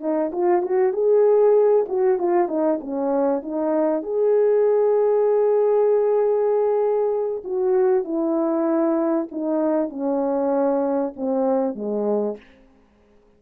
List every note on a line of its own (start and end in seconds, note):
0.00 0.31 D#4
0.32 0.62 F4
0.62 0.93 F#4
0.93 1.85 G#4
1.88 2.18 F#4
2.18 2.48 F4
2.48 2.79 D#4
2.80 3.42 C#4
3.42 4.02 D#4
4.02 7.43 G#4
7.44 8.04 F#4
8.04 9.28 E4
9.31 9.89 D#4
9.89 11.13 C#4
11.16 11.75 C4
11.75 12.37 G#3